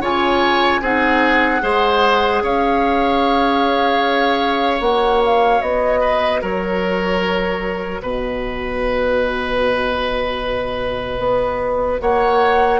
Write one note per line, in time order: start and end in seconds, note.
0.00 0.80 C#3
0.00 0.81 F4
0.00 0.80 C#5
0.00 0.83 G#5
0.80 1.60 C4
0.80 1.61 D#4
0.80 1.61 G#4
0.80 2.43 F#5
1.61 2.42 G#3
1.61 4.80 G#4
1.61 2.43 C5
2.42 4.80 C#4
2.42 6.00 C#5
2.42 4.81 F5
4.80 5.60 A#3
4.80 12.80 F#4
4.80 5.21 F#5
5.24 5.61 F5
5.61 6.41 B3
5.61 6.41 D#5
6.00 6.40 B4
6.41 8.01 F#3
6.41 8.01 A#4
6.41 8.03 C#5
8.01 11.18 B2
8.01 12.01 B4
8.01 12.00 D#5
11.18 11.98 B3
12.00 12.80 A#3
12.00 12.80 C#5
12.00 12.80 F#5